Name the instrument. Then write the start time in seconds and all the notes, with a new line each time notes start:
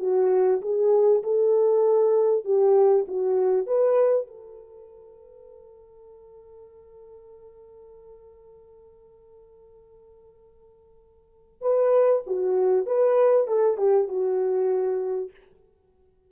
horn
0.00 F#4
0.62 G#4
1.24 A4
2.45 G4
3.08 F#4
3.67 B4
4.27 A4
11.62 B4
12.27 F#4
12.86 B4
13.47 A4
13.78 G4
14.08 F#4